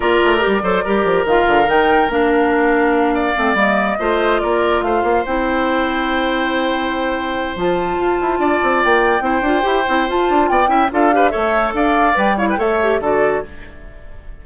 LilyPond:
<<
  \new Staff \with { instrumentName = "flute" } { \time 4/4 \tempo 4 = 143 d''2. f''4 | g''4 f''2.~ | f''8 dis''2 d''4 f''8~ | f''8 g''2.~ g''8~ |
g''2 a''2~ | a''4 g''2. | a''4 g''4 f''4 e''4 | f''4 g''8 f''16 g''16 e''4 d''4 | }
  \new Staff \with { instrumentName = "oboe" } { \time 4/4 ais'4. c''8 ais'2~ | ais'2.~ ais'8 d''8~ | d''4. c''4 ais'4 c''8~ | c''1~ |
c''1 | d''2 c''2~ | c''4 d''8 e''8 a'8 b'8 cis''4 | d''4. cis''16 b'16 cis''4 a'4 | }
  \new Staff \with { instrumentName = "clarinet" } { \time 4/4 f'4 g'8 a'8 g'4 f'4 | dis'4 d'2. | c'8 ais4 f'2~ f'8~ | f'8 e'2.~ e'8~ |
e'2 f'2~ | f'2 e'8 f'8 g'8 e'8 | f'4. e'8 f'8 g'8 a'4~ | a'4 b'8 e'8 a'8 g'8 fis'4 | }
  \new Staff \with { instrumentName = "bassoon" } { \time 4/4 ais8 a8 g8 fis8 g8 f8 dis8 d8 | dis4 ais2. | a8 g4 a4 ais4 a8 | ais8 c'2.~ c'8~ |
c'2 f4 f'8 e'8 | d'8 c'8 ais4 c'8 d'8 e'8 c'8 | f'8 d'8 b8 cis'8 d'4 a4 | d'4 g4 a4 d4 | }
>>